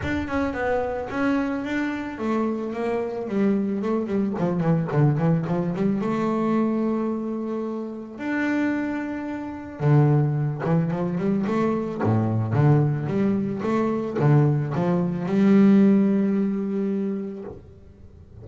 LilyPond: \new Staff \with { instrumentName = "double bass" } { \time 4/4 \tempo 4 = 110 d'8 cis'8 b4 cis'4 d'4 | a4 ais4 g4 a8 g8 | f8 e8 d8 e8 f8 g8 a4~ | a2. d'4~ |
d'2 d4. e8 | f8 g8 a4 a,4 d4 | g4 a4 d4 f4 | g1 | }